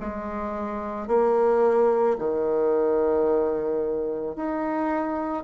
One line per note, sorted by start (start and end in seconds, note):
0.00 1.07 G#3
1.07 2.16 A#3
2.18 4.35 D#3
4.35 5.43 D#4